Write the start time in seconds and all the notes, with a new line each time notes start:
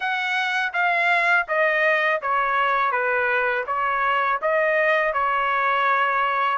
0.00 F#5
0.73 F5
1.48 D#5
2.22 C#5
2.91 B4
3.67 C#5
4.41 D#5
5.13 C#5